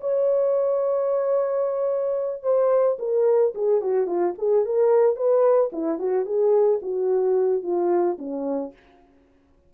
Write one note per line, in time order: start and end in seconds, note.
0.00 2.42 C#5
2.42 2.97 C5
2.99 3.53 A#4
3.55 3.81 G#4
3.81 4.06 F#4
4.06 4.34 F4
4.38 4.65 G#4
4.65 5.16 A#4
5.16 5.70 B4
5.72 5.99 E4
5.99 6.25 F#4
6.25 6.80 G#4
6.82 7.62 F#4
7.62 8.17 F4
8.18 8.73 C#4